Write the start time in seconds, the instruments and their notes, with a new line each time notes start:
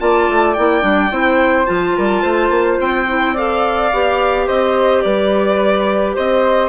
0.00 bassoon A#3, clarinet F4, flute D5, violin A5
0.29 bassoon A3
0.54 bassoon A#3, clarinet E4, violin G5
0.82 bassoon G3, clarinet D4
1.11 bassoon C4, clarinet E4, flute C5
1.66 bassoon F3, clarinet F4, violin A5
1.96 bassoon G3, flute A#4
2.22 bassoon A3, flute C5
2.50 bassoon A#3
2.80 bassoon C4, violin G5
3.08 clarinet E4
3.34 clarinet A4, flute D5, violin F5
3.93 bassoon B3, clarinet G4
4.47 bassoon C4, flute C5, violin D#5
5.02 bassoon G3, flute B4, violin D5
6.15 bassoon C4, flute C5, violin D#5